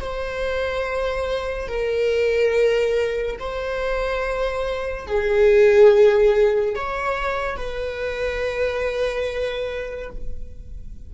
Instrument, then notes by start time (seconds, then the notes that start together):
viola
0.00 C5
1.68 A#4
3.39 C5
5.07 G#4
6.75 C#5
7.56 B4